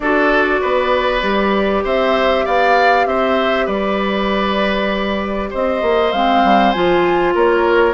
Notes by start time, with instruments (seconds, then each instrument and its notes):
0.00 bassoon D4, clarinet F#4, oboe A4, flute D5
0.61 bassoon B3, oboe B4
1.20 bassoon G3, clarinet G4
1.83 bassoon C4, oboe C5, flute E5
2.45 bassoon B3, oboe D5, flute F5
3.05 bassoon C4, oboe C5, flute E5
3.65 bassoon G3, oboe B4, flute D5
5.49 bassoon C4, oboe C5, flute D#5
5.82 bassoon A#3
6.12 bassoon G#3, clarinet C4, flute F5
6.43 bassoon G3
6.71 bassoon F3, clarinet F4, flute G#5
7.34 bassoon A#3, oboe A#4, flute C#5